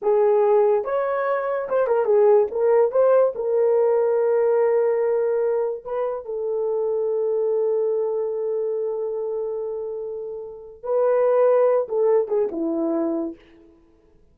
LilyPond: \new Staff \with { instrumentName = "horn" } { \time 4/4 \tempo 4 = 144 gis'2 cis''2 | c''8 ais'8 gis'4 ais'4 c''4 | ais'1~ | ais'2 b'4 a'4~ |
a'1~ | a'1~ | a'2 b'2~ | b'8 a'4 gis'8 e'2 | }